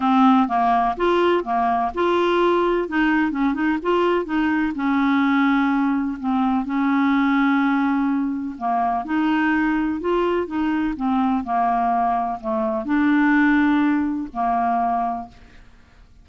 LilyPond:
\new Staff \with { instrumentName = "clarinet" } { \time 4/4 \tempo 4 = 126 c'4 ais4 f'4 ais4 | f'2 dis'4 cis'8 dis'8 | f'4 dis'4 cis'2~ | cis'4 c'4 cis'2~ |
cis'2 ais4 dis'4~ | dis'4 f'4 dis'4 c'4 | ais2 a4 d'4~ | d'2 ais2 | }